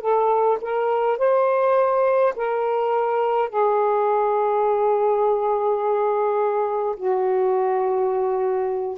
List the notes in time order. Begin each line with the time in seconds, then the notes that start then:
0.00 A4
0.61 A#4
1.18 C5
2.35 A#4
3.49 G#4
6.96 F#4